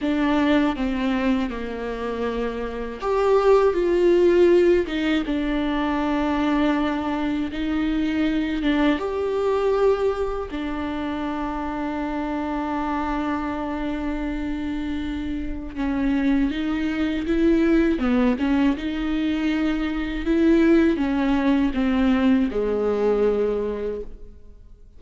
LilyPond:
\new Staff \with { instrumentName = "viola" } { \time 4/4 \tempo 4 = 80 d'4 c'4 ais2 | g'4 f'4. dis'8 d'4~ | d'2 dis'4. d'8 | g'2 d'2~ |
d'1~ | d'4 cis'4 dis'4 e'4 | b8 cis'8 dis'2 e'4 | cis'4 c'4 gis2 | }